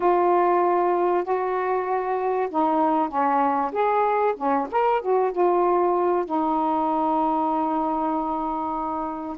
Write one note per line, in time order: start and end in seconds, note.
0.00 1.23 F4
1.23 2.48 F#4
2.50 3.09 D#4
3.09 3.71 C#4
3.72 4.34 G#4
4.36 4.67 C#4
4.71 5.01 A#4
5.01 5.32 F#4
5.32 6.25 F4
6.25 9.37 D#4